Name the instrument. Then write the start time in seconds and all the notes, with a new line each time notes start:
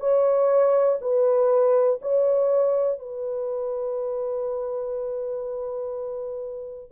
horn
0.00 C#5
1.01 B4
2.01 C#5
2.99 B4